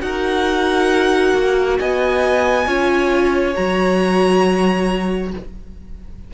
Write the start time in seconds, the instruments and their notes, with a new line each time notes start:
0.00 cello D#4, viola F#4, violin A#4 F#5
1.34 cello A#3
1.78 cello B3, violin D#5 G#5
2.66 cello C#4, viola F4, violin C#5
3.55 cello F#3, viola F#4, violin A#5